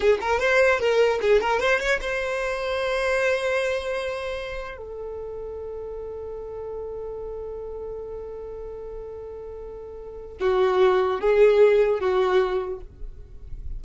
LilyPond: \new Staff \with { instrumentName = "violin" } { \time 4/4 \tempo 4 = 150 gis'8 ais'8 c''4 ais'4 gis'8 ais'8 | c''8 cis''8 c''2.~ | c''1 | a'1~ |
a'1~ | a'1~ | a'2 fis'2 | gis'2 fis'2 | }